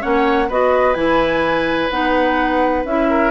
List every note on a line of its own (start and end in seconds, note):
0.00 0.49 A#3
0.00 0.47 C#4
0.00 0.48 C#5
0.00 0.49 F#5
0.48 0.95 B3
0.48 0.95 F#4
0.48 3.08 B4
0.48 0.94 D#5
0.94 1.89 E3
0.94 1.89 E4
0.94 1.88 G#5
1.89 2.84 B3
1.89 2.85 D#4
1.89 2.84 F#5
2.85 3.31 C#4
2.85 3.31 E4
2.85 3.31 E5
3.09 3.31 A#4